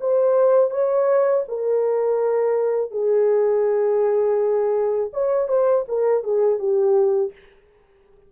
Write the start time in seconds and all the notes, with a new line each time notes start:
0.00 C5
0.71 C#5
1.48 A#4
2.91 G#4
5.13 C#5
5.48 C5
5.88 A#4
6.23 G#4
6.59 G4